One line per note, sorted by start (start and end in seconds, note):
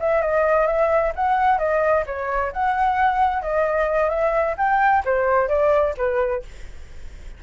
0.00 0.22 E5
0.22 0.67 D#5
0.67 1.13 E5
1.16 1.59 F#5
1.59 2.04 D#5
2.07 2.52 C#5
2.53 3.43 F#5
3.43 4.10 D#5
4.10 4.56 E5
4.58 5.04 G5
5.05 5.49 C5
5.49 5.94 D5
5.98 6.44 B4